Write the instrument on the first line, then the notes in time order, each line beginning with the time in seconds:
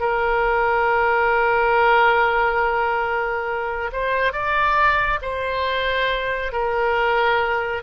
oboe
0.00 A#4
3.92 C5
4.33 D5
5.22 C5
6.53 A#4